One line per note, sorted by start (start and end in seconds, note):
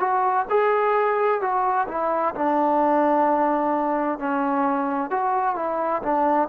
0.00 0.46 F#4
0.50 1.41 G#4
1.41 1.88 F#4
1.88 2.35 E4
2.35 4.19 D4
4.19 5.11 C#4
5.11 5.56 F#4
5.56 6.02 E4
6.03 6.49 D4